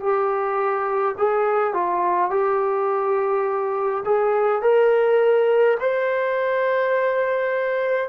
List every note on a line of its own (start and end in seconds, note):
0.00 1.15 G4
1.18 1.74 G#4
1.74 2.31 F4
2.31 4.04 G4
4.05 4.62 G#4
4.62 5.77 A#4
5.80 8.09 C5